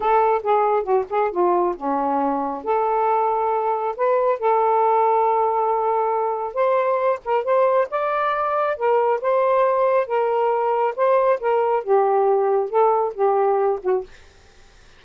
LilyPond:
\new Staff \with { instrumentName = "saxophone" } { \time 4/4 \tempo 4 = 137 a'4 gis'4 fis'8 gis'8 f'4 | cis'2 a'2~ | a'4 b'4 a'2~ | a'2. c''4~ |
c''8 ais'8 c''4 d''2 | ais'4 c''2 ais'4~ | ais'4 c''4 ais'4 g'4~ | g'4 a'4 g'4. fis'8 | }